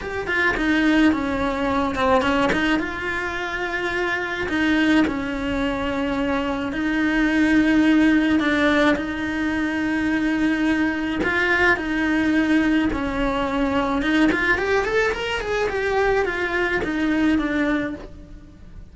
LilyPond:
\new Staff \with { instrumentName = "cello" } { \time 4/4 \tempo 4 = 107 g'8 f'8 dis'4 cis'4. c'8 | cis'8 dis'8 f'2. | dis'4 cis'2. | dis'2. d'4 |
dis'1 | f'4 dis'2 cis'4~ | cis'4 dis'8 f'8 g'8 a'8 ais'8 gis'8 | g'4 f'4 dis'4 d'4 | }